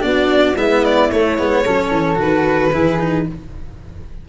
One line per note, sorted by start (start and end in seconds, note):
0.00 0.56 B3
0.00 0.54 D4
0.00 0.57 F#4
0.00 0.56 D5
0.56 1.10 G#3
0.56 1.12 B3
0.56 1.65 E4
0.56 0.85 E5
0.85 1.11 D5
1.11 1.39 A3
1.11 2.20 C#5
1.39 1.66 G#3
1.39 1.66 B3
1.65 1.91 F#3
1.65 2.16 C#4
1.65 2.73 A4
1.91 2.18 E3
2.16 2.73 D#3
2.16 2.70 F#4
2.16 3.29 B4
2.73 3.30 E3
2.73 2.99 E4
2.73 3.27 G#4
2.99 3.26 D#4